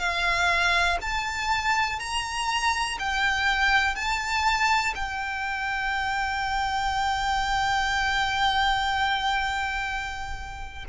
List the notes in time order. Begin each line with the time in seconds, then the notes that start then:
0.00 F5
1.01 A5
1.99 A#5
2.99 G5
3.96 A5
4.95 G5